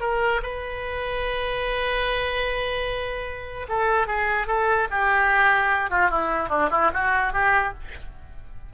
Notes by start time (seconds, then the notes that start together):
0.00 A#4
0.42 B4
3.68 A4
4.06 G#4
4.47 A4
4.90 G4
5.90 F4
6.10 E4
6.49 D4
6.70 E4
6.93 F#4
7.32 G4